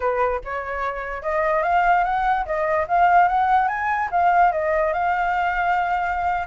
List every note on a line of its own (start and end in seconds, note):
0.00 0.41 B4
0.44 1.22 C#5
1.22 1.63 D#5
1.63 2.04 F5
2.04 2.45 F#5
2.45 2.86 D#5
2.88 3.28 F5
3.28 3.68 F#5
3.68 4.09 G#5
4.11 4.52 F5
4.52 4.93 D#5
4.93 6.47 F5